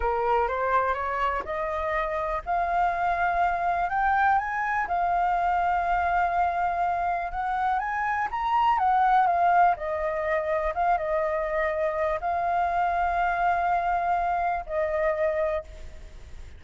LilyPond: \new Staff \with { instrumentName = "flute" } { \time 4/4 \tempo 4 = 123 ais'4 c''4 cis''4 dis''4~ | dis''4 f''2. | g''4 gis''4 f''2~ | f''2. fis''4 |
gis''4 ais''4 fis''4 f''4 | dis''2 f''8 dis''4.~ | dis''4 f''2.~ | f''2 dis''2 | }